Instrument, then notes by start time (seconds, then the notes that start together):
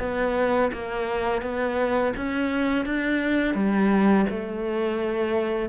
cello
0.00 B3
0.73 A#3
1.42 B3
2.17 C#4
2.86 D4
3.55 G3
4.30 A3